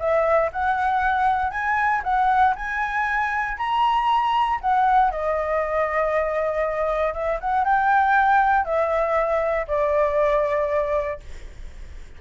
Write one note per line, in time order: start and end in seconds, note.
0.00 0.51 E5
0.53 1.51 F#5
1.51 2.02 G#5
2.04 2.55 F#5
2.56 3.58 G#5
3.58 4.60 A#5
4.62 5.12 F#5
5.12 7.14 D#5
7.14 7.40 E5
7.41 7.65 F#5
7.65 8.65 G5
8.65 9.67 E5
9.68 11.21 D5